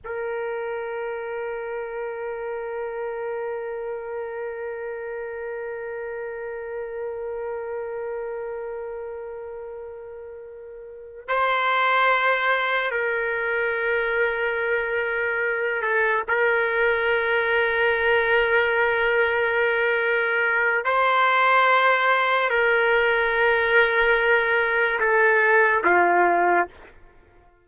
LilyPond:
\new Staff \with { instrumentName = "trumpet" } { \time 4/4 \tempo 4 = 72 ais'1~ | ais'1~ | ais'1~ | ais'4. c''2 ais'8~ |
ais'2. a'8 ais'8~ | ais'1~ | ais'4 c''2 ais'4~ | ais'2 a'4 f'4 | }